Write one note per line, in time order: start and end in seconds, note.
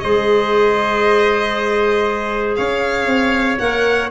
0.00 2.58 G#3
0.00 3.59 G#4
0.00 2.58 C5
0.00 2.54 D#5
2.56 3.06 C#4
2.56 4.10 C#5
2.56 3.58 F5
3.06 3.57 C4
3.59 4.11 A#3
3.59 4.10 A#4
3.59 4.10 F#5